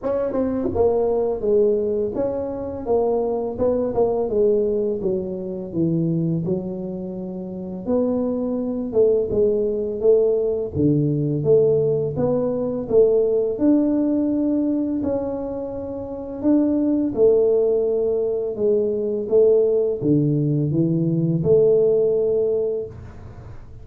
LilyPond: \new Staff \with { instrumentName = "tuba" } { \time 4/4 \tempo 4 = 84 cis'8 c'8 ais4 gis4 cis'4 | ais4 b8 ais8 gis4 fis4 | e4 fis2 b4~ | b8 a8 gis4 a4 d4 |
a4 b4 a4 d'4~ | d'4 cis'2 d'4 | a2 gis4 a4 | d4 e4 a2 | }